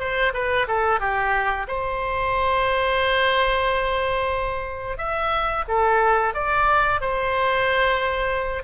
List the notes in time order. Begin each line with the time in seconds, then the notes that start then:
0.00 C5
0.34 B4
0.68 A4
1.00 G4
1.68 C5
4.98 E5
5.68 A4
6.35 D5
7.01 C5